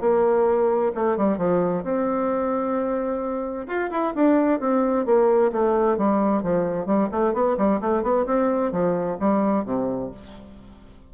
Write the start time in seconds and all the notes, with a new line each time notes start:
0.00 A#3
0.95 A3
1.17 G3
1.37 F3
1.83 C4
3.67 F4
3.91 E4
4.15 D4
4.60 C4
5.05 A#3
5.51 A3
5.97 G3
6.42 F3
6.86 G3
7.11 A3
7.33 B3
7.57 G3
7.81 A3
8.03 B3
8.26 C4
8.72 F3
9.19 G3
9.65 C3